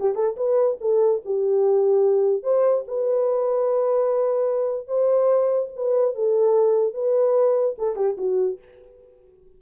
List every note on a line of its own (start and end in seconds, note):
0.00 0.15 G4
0.15 0.36 A4
0.37 0.78 B4
0.81 1.22 A4
1.25 2.43 G4
2.43 2.84 C5
2.87 4.88 B4
4.88 5.70 C5
5.76 6.15 B4
6.15 6.94 A4
6.94 7.76 B4
7.78 7.96 A4
7.96 8.16 G4
8.18 8.59 F#4